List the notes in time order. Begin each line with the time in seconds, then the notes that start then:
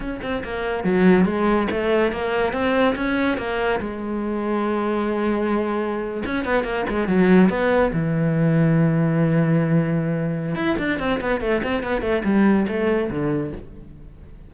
0.00 C#4
0.22 C4
0.44 A#3
0.84 F#3
1.25 G#3
1.70 A3
2.12 A#3
2.52 C4
2.95 C#4
3.37 A#3
3.80 G#3
6.25 C#4
6.44 B3
6.63 A#3
6.89 G#3
7.07 F#3
7.49 B3
7.92 E3
10.55 E4
10.78 D4
10.99 C4
11.20 B3
11.40 A3
11.63 C4
11.83 B3
12.01 A3
12.24 G3
12.68 A3
13.10 D3